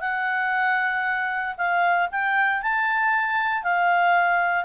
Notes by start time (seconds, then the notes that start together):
0.00 F#5
1.57 F5
2.11 G5
2.62 A5
3.63 F5